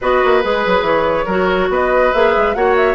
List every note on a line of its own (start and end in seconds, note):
0.01 0.22 B3
0.01 0.41 F#4
0.01 1.25 B4
0.01 0.44 D#5
0.23 0.44 A#3
0.41 0.65 G#3
0.41 1.27 G#4
0.41 0.86 B4
0.65 0.81 F#3
0.81 1.23 E3
0.81 1.71 C#5
1.25 1.69 F#3
1.25 2.13 F#4
1.25 1.67 A#4
1.69 2.12 B3
1.69 2.56 B4
1.69 2.13 D#5
2.13 2.35 A#3
2.13 2.55 G#4
2.13 2.54 E5
2.37 2.55 G#3
2.54 2.94 A#3
2.54 2.94 F#4
2.54 2.94 C#5
2.54 2.75 F#5
2.76 2.94 E5